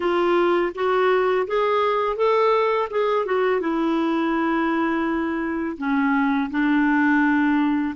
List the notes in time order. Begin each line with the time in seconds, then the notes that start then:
0.00 F4
0.74 F#4
1.47 G#4
2.16 A4
2.90 G#4
3.25 F#4
3.60 E4
5.77 C#4
6.50 D4